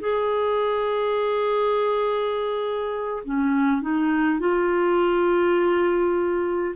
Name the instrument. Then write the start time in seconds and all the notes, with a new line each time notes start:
clarinet
0.00 G#4
3.25 C#4
3.82 D#4
4.40 F4